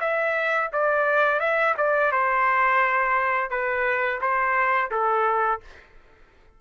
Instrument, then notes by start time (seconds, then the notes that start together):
trumpet
0.00 E5
0.72 D5
1.40 E5
1.77 D5
2.12 C5
3.50 B4
4.21 C5
4.91 A4